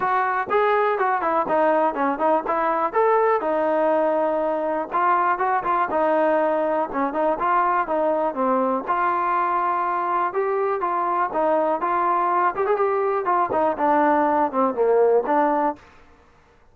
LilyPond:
\new Staff \with { instrumentName = "trombone" } { \time 4/4 \tempo 4 = 122 fis'4 gis'4 fis'8 e'8 dis'4 | cis'8 dis'8 e'4 a'4 dis'4~ | dis'2 f'4 fis'8 f'8 | dis'2 cis'8 dis'8 f'4 |
dis'4 c'4 f'2~ | f'4 g'4 f'4 dis'4 | f'4. g'16 gis'16 g'4 f'8 dis'8 | d'4. c'8 ais4 d'4 | }